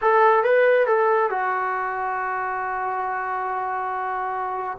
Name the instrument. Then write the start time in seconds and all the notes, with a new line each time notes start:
trombone
0.01 A4
0.43 B4
0.86 A4
1.30 F#4